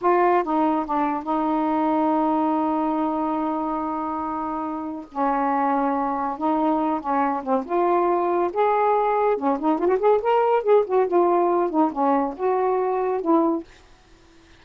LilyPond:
\new Staff \with { instrumentName = "saxophone" } { \time 4/4 \tempo 4 = 141 f'4 dis'4 d'4 dis'4~ | dis'1~ | dis'1 | cis'2. dis'4~ |
dis'8 cis'4 c'8 f'2 | gis'2 cis'8 dis'8 f'16 fis'16 gis'8 | ais'4 gis'8 fis'8 f'4. dis'8 | cis'4 fis'2 e'4 | }